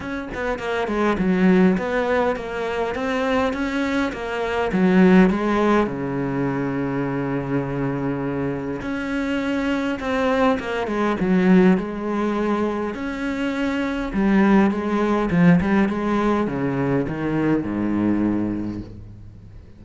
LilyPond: \new Staff \with { instrumentName = "cello" } { \time 4/4 \tempo 4 = 102 cis'8 b8 ais8 gis8 fis4 b4 | ais4 c'4 cis'4 ais4 | fis4 gis4 cis2~ | cis2. cis'4~ |
cis'4 c'4 ais8 gis8 fis4 | gis2 cis'2 | g4 gis4 f8 g8 gis4 | cis4 dis4 gis,2 | }